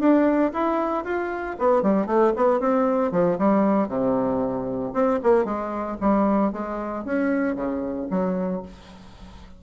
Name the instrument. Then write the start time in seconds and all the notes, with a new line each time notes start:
bassoon
0.00 D4
0.53 E4
1.05 F4
1.59 B3
1.83 G3
2.07 A3
2.36 B3
2.60 C4
3.12 F3
3.39 G3
3.89 C3
4.94 C4
5.24 A#3
5.45 G#3
6.01 G3
6.53 G#3
7.05 C#4
7.56 C#3
8.11 F#3